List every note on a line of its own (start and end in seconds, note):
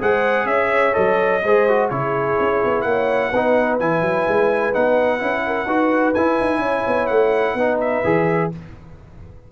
0.00 0.46 G#3
0.00 0.93 G#4
0.00 0.47 C5
0.00 0.47 F#5
0.46 0.93 C#4
0.46 1.44 C#5
0.46 0.94 E5
0.93 1.44 F#3
0.93 1.41 A4
0.93 1.89 D#5
1.44 1.91 G#3
1.44 1.69 G#4
1.44 1.91 C5
1.69 1.92 F#4
1.90 2.38 C#3
1.90 3.33 E4
1.90 2.87 G#4
1.90 2.82 C#5
2.39 2.63 C#4
2.64 2.84 B3
2.82 3.31 A#3
2.82 3.30 C#5
2.82 3.76 F#5
3.30 3.80 B3
3.30 3.80 D#4
3.30 5.43 B4
3.80 4.02 E3
3.80 4.73 E4
3.80 4.74 G#5
4.02 4.25 F#3
4.28 4.75 G#3
4.73 5.22 B3
4.73 5.19 D#4
4.73 6.14 F#5
5.19 5.66 C#4
5.19 5.66 E4
5.46 5.66 A#4
5.66 6.14 D#4
5.66 6.15 F#4
5.66 6.60 B4
6.14 6.40 E4
6.14 7.59 E4
6.14 7.07 G#5
6.40 6.59 D#4
6.59 6.83 C#4
6.59 7.57 C#5
6.87 7.10 B3
7.07 7.55 A3
7.07 7.78 F#5
7.55 8.02 B3
7.55 8.05 D#4
7.55 8.51 B4
7.80 8.51 E5
8.04 8.52 E3
8.04 8.52 G#4